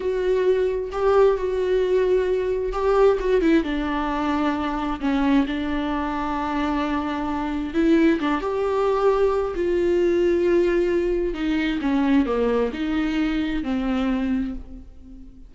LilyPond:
\new Staff \with { instrumentName = "viola" } { \time 4/4 \tempo 4 = 132 fis'2 g'4 fis'4~ | fis'2 g'4 fis'8 e'8 | d'2. cis'4 | d'1~ |
d'4 e'4 d'8 g'4.~ | g'4 f'2.~ | f'4 dis'4 cis'4 ais4 | dis'2 c'2 | }